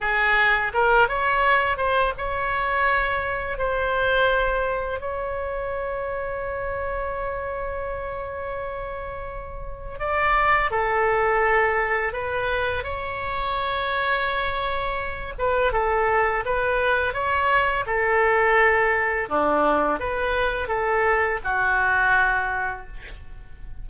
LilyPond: \new Staff \with { instrumentName = "oboe" } { \time 4/4 \tempo 4 = 84 gis'4 ais'8 cis''4 c''8 cis''4~ | cis''4 c''2 cis''4~ | cis''1~ | cis''2 d''4 a'4~ |
a'4 b'4 cis''2~ | cis''4. b'8 a'4 b'4 | cis''4 a'2 d'4 | b'4 a'4 fis'2 | }